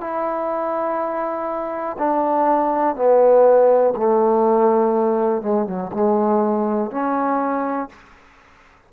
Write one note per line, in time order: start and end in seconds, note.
0.00 1.97 E4
1.98 2.96 D4
2.96 3.94 B3
3.96 5.42 A3
5.42 5.66 G#3
5.66 5.91 F#3
5.92 6.91 G#3
6.91 7.89 C#4